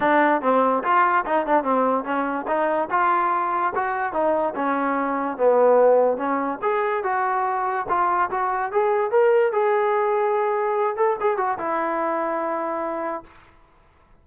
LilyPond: \new Staff \with { instrumentName = "trombone" } { \time 4/4 \tempo 4 = 145 d'4 c'4 f'4 dis'8 d'8 | c'4 cis'4 dis'4 f'4~ | f'4 fis'4 dis'4 cis'4~ | cis'4 b2 cis'4 |
gis'4 fis'2 f'4 | fis'4 gis'4 ais'4 gis'4~ | gis'2~ gis'8 a'8 gis'8 fis'8 | e'1 | }